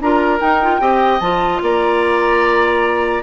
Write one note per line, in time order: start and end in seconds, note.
0.00 0.40 D4
0.00 0.39 F4
0.00 0.81 A#4
0.00 0.41 A#5
0.39 0.60 D#4
0.39 0.80 D#4
0.39 1.20 G5
0.62 0.80 F4
0.80 1.20 C4
0.80 1.20 G4
0.80 1.61 D#5
1.20 1.60 F3
1.20 3.22 F4
1.20 1.60 A5
1.61 3.23 A#3
1.61 3.23 D5
1.61 3.23 A#5